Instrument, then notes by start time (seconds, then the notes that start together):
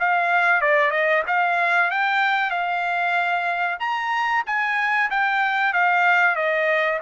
trumpet
0.00 F5
0.62 D5
0.91 D#5
1.28 F5
1.91 G5
2.51 F5
3.80 A#5
4.47 G#5
5.11 G5
5.74 F5
6.36 D#5